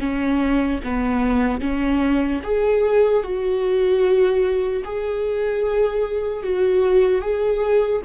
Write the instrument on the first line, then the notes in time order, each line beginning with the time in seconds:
viola
0.00 C#4
0.84 B3
1.61 C#4
2.44 G#4
3.23 F#4
4.84 G#4
6.43 F#4
7.21 G#4